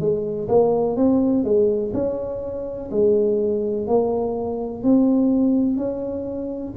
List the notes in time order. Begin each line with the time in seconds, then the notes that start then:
0.00 G#3
0.49 A#3
0.97 C4
1.45 G#3
1.94 C#4
2.92 G#3
3.88 A#3
4.83 C4
5.78 C#4